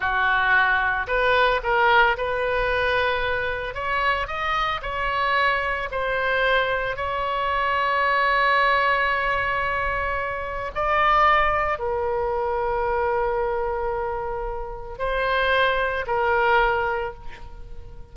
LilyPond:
\new Staff \with { instrumentName = "oboe" } { \time 4/4 \tempo 4 = 112 fis'2 b'4 ais'4 | b'2. cis''4 | dis''4 cis''2 c''4~ | c''4 cis''2.~ |
cis''1 | d''2 ais'2~ | ais'1 | c''2 ais'2 | }